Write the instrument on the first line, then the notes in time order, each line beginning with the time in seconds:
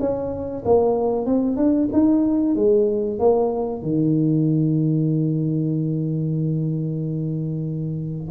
tuba
0.00 C#4
0.65 A#3
1.26 C4
1.57 D4
1.93 D#4
2.55 G#3
3.19 A#3
3.82 D#3